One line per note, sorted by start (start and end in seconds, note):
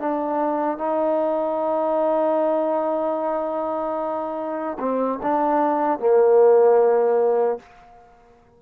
0.00 0.78 D4
0.78 4.78 D#4
4.80 5.20 C4
5.23 6.00 D4
6.00 7.60 A#3